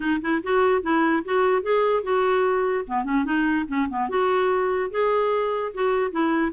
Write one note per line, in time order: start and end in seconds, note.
0.00 0.20 D#4
0.21 0.42 E4
0.43 0.82 F#4
0.82 1.23 E4
1.24 1.62 F#4
1.62 2.03 G#4
2.03 2.84 F#4
2.87 3.04 B3
3.04 3.24 C#4
3.24 3.65 D#4
3.68 3.88 C#4
3.89 4.09 B3
4.09 4.90 F#4
4.90 5.72 G#4
5.73 6.11 F#4
6.11 6.52 E4